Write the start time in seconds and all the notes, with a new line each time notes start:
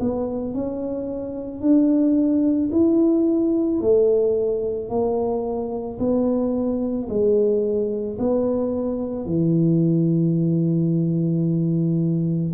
0.00 B3
0.54 C#4
1.62 D4
2.72 E4
3.81 A3
4.90 A#3
6.00 B3
7.09 G#3
8.19 B3
9.26 E3